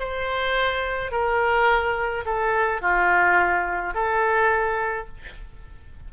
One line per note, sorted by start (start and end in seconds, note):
0.00 1.12 C5
1.12 2.25 A#4
2.26 2.82 A4
2.82 3.95 F4
3.95 5.08 A4